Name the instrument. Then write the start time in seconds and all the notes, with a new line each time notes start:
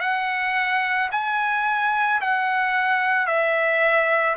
trumpet
0.00 F#5
1.12 G#5
2.21 F#5
3.27 E5